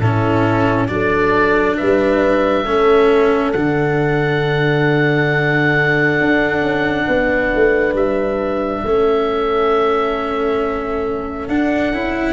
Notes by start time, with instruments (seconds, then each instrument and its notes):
0.00 tuba A2, cello C#4, horn E4, oboe A4
0.88 tuba F#3, cello D4, horn A4, oboe D5
1.77 tuba G3, horn B4, oboe E5
2.65 tuba A3, cello C#4, horn A4
3.53 tuba D3, cello D4, oboe F#5
6.21 tuba D4
6.62 tuba C#4
7.08 tuba B3, horn B4
7.56 tuba A3
7.94 tuba G3, oboe E5
8.84 tuba A3, cello C#4, horn A4
11.48 tuba D4, cello D4, oboe F#5
11.92 tuba C#4, cello E4